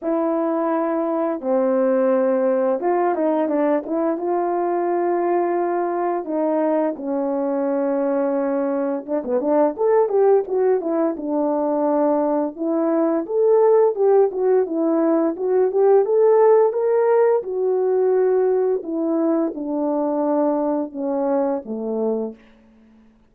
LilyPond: \new Staff \with { instrumentName = "horn" } { \time 4/4 \tempo 4 = 86 e'2 c'2 | f'8 dis'8 d'8 e'8 f'2~ | f'4 dis'4 cis'2~ | cis'4 d'16 b16 d'8 a'8 g'8 fis'8 e'8 |
d'2 e'4 a'4 | g'8 fis'8 e'4 fis'8 g'8 a'4 | ais'4 fis'2 e'4 | d'2 cis'4 a4 | }